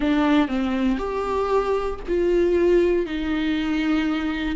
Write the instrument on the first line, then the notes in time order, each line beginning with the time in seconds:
viola
0.00 D4
0.48 C4
0.98 G4
2.08 F4
3.06 D#4